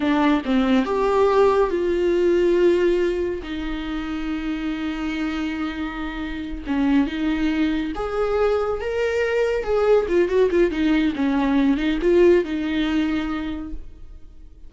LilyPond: \new Staff \with { instrumentName = "viola" } { \time 4/4 \tempo 4 = 140 d'4 c'4 g'2 | f'1 | dis'1~ | dis'2.~ dis'8 cis'8~ |
cis'8 dis'2 gis'4.~ | gis'8 ais'2 gis'4 f'8 | fis'8 f'8 dis'4 cis'4. dis'8 | f'4 dis'2. | }